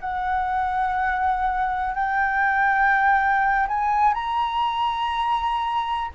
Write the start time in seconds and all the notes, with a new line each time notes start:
0.00 F#5
1.95 G5
3.68 G#5
4.14 A#5